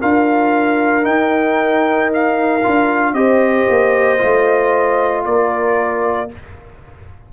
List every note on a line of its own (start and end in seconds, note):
0.00 1.07 D4
0.00 1.03 F4
0.00 3.16 A#4
0.00 1.05 F5
1.03 2.61 D#4
1.03 2.64 D#4
1.03 2.11 G5
2.14 3.14 F5
2.63 3.13 D4
2.63 3.15 F4
3.13 3.66 C4
3.13 4.18 G4
3.13 5.27 C5
3.13 5.25 D#5
3.69 4.22 A#3
4.18 5.26 A3
4.18 6.29 F4
5.25 6.31 A#3
5.25 6.33 A#4
5.25 6.30 D5